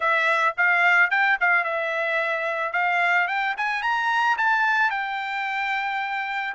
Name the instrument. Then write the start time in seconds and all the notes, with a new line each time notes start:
trumpet
0.00 E5
0.57 F5
1.10 G5
1.40 F5
1.63 E5
2.72 F5
3.27 G5
3.57 G#5
3.82 A#5
4.37 A5
4.90 G5